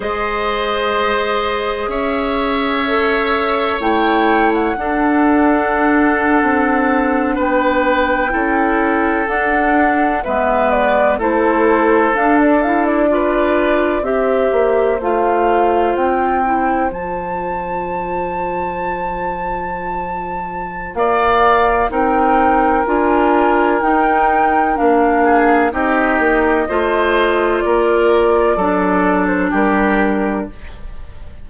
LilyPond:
<<
  \new Staff \with { instrumentName = "flute" } { \time 4/4 \tempo 4 = 63 dis''2 e''2 | g''8. fis''2. g''16~ | g''4.~ g''16 fis''4 e''8 d''8 c''16~ | c''8. f''16 d''16 f''16 d''4~ d''16 e''4 f''16~ |
f''8. g''4 a''2~ a''16~ | a''2 f''4 g''4 | gis''4 g''4 f''4 dis''4~ | dis''4 d''4.~ d''16 c''16 ais'4 | }
  \new Staff \with { instrumentName = "oboe" } { \time 4/4 c''2 cis''2~ | cis''4 a'2~ a'8. b'16~ | b'8. a'2 b'4 a'16~ | a'4.~ a'16 b'4 c''4~ c''16~ |
c''1~ | c''2 d''4 ais'4~ | ais'2~ ais'8 gis'8 g'4 | c''4 ais'4 a'4 g'4 | }
  \new Staff \with { instrumentName = "clarinet" } { \time 4/4 gis'2. a'4 | e'4 d'2.~ | d'8. e'4 d'4 b4 e'16~ | e'8. d'8 e'8 f'4 g'4 f'16~ |
f'4~ f'16 e'8 f'2~ f'16~ | f'2. dis'4 | f'4 dis'4 d'4 dis'4 | f'2 d'2 | }
  \new Staff \with { instrumentName = "bassoon" } { \time 4/4 gis2 cis'2 | a4 d'4.~ d'16 c'4 b16~ | b8. cis'4 d'4 gis4 a16~ | a8. d'2 c'8 ais8 a16~ |
a8. c'4 f2~ f16~ | f2 ais4 c'4 | d'4 dis'4 ais4 c'8 ais8 | a4 ais4 fis4 g4 | }
>>